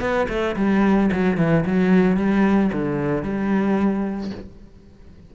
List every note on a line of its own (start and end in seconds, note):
0.00 0.27 B3
0.29 0.56 A3
0.56 1.10 G3
1.12 1.37 F#3
1.37 1.64 E3
1.66 2.17 F#3
2.17 2.71 G3
2.73 3.23 D3
3.23 4.31 G3